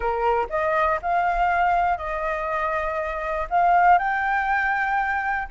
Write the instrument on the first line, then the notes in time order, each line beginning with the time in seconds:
flute
0.00 A#4
0.49 D#5
1.01 F5
1.97 D#5
3.50 F5
3.98 G5